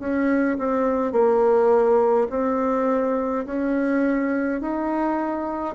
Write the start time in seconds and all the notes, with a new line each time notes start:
0.00 C#4
0.59 C4
1.12 A#3
2.30 C4
3.46 C#4
4.62 D#4